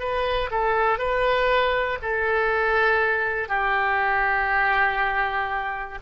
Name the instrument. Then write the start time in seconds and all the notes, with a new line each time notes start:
oboe
0.00 B4
0.51 A4
0.99 B4
2.02 A4
3.48 G4